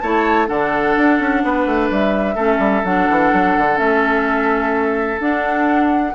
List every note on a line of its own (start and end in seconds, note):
0.00 0.49 A3
0.00 0.47 E4
0.00 0.48 C#5
0.00 0.47 A5
0.47 0.96 D3
0.47 2.36 D4
0.47 1.42 A4
0.47 1.89 F#5
0.97 1.19 D4
1.19 1.43 C#4
1.44 1.66 B3
1.44 2.35 B4
1.66 1.89 A3
1.90 2.36 G3
1.90 2.85 E5
2.35 2.58 A3
2.35 2.84 C#4
2.35 6.13 A4
2.58 2.82 G3
2.84 3.08 F#3
2.84 3.75 D4
2.84 3.77 F#5
3.10 3.32 E3
3.32 3.56 F#3
3.58 3.79 D3
3.75 5.19 A3
3.75 5.16 C#4
3.75 5.19 E5
5.19 6.14 D4
5.19 6.15 D4
5.19 6.15 F#5